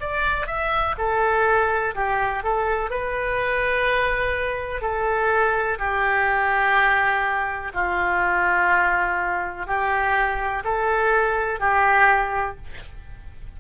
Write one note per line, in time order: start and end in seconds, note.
0.00 0.46 D5
0.46 0.95 E5
0.98 1.94 A4
1.95 2.43 G4
2.43 2.90 A4
2.90 4.81 B4
4.81 5.78 A4
5.78 7.72 G4
7.74 9.66 F4
9.66 10.63 G4
10.64 11.60 A4
11.60 12.57 G4